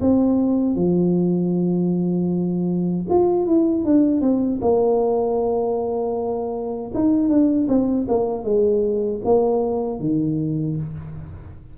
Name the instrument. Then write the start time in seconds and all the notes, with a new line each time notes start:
tuba
0.00 C4
0.75 F3
3.09 F4
3.46 E4
3.84 D4
4.21 C4
4.61 A#3
6.94 D#4
7.28 D4
7.68 C4
8.08 A#3
8.44 G#3
9.24 A#3
10.00 D#3